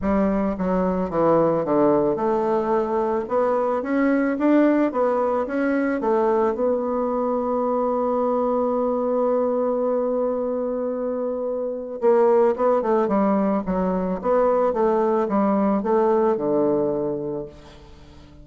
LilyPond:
\new Staff \with { instrumentName = "bassoon" } { \time 4/4 \tempo 4 = 110 g4 fis4 e4 d4 | a2 b4 cis'4 | d'4 b4 cis'4 a4 | b1~ |
b1~ | b2 ais4 b8 a8 | g4 fis4 b4 a4 | g4 a4 d2 | }